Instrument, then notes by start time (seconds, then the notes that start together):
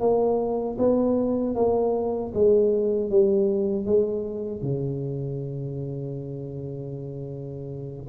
tuba
0.00 A#3
0.78 B3
1.55 A#3
2.34 G#3
3.10 G3
3.85 G#3
4.62 C#3